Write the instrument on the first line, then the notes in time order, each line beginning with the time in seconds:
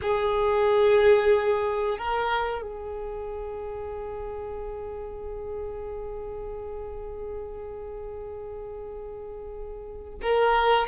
violin
0.02 G#4
1.98 A#4
2.62 G#4
10.21 A#4